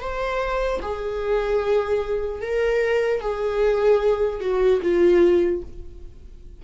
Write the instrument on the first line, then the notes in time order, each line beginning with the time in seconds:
viola
0.00 C5
0.82 G#4
2.41 A#4
3.21 G#4
4.41 F#4
4.82 F4